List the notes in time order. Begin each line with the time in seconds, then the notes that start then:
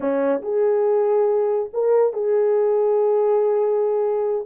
0.00 C#4
0.42 G#4
1.73 A#4
2.13 G#4